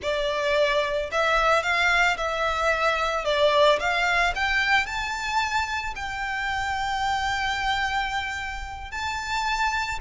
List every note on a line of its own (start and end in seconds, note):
0.02 1.10 D5
1.11 1.62 E5
1.62 2.16 F5
2.17 3.25 E5
3.25 3.79 D5
3.79 4.33 F5
4.35 4.86 G5
4.86 5.94 A5
5.95 8.91 G5
8.91 9.99 A5